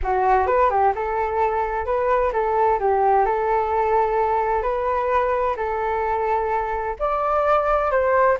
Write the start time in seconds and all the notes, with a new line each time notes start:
0.02 F#4
0.47 B4
0.70 G4
0.95 A4
1.85 B4
2.32 A4
2.79 G4
3.25 A4
4.62 B4
5.56 A4
6.99 D5
7.91 C5